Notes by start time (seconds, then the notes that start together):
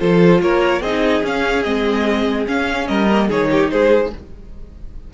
0.00 F3 F4 A4 C5
0.42 A#3 A#4 C#5
0.81 C4 D#4 G#4 D#5
1.24 C#4 F5
1.63 G#3 C4 D#5
2.47 C#4 F5
2.88 G3 A#4 D#5
3.10 A#3
3.29 D#3 D#4 G#4 C#5
3.52 G4
3.71 G#3 G#4 C5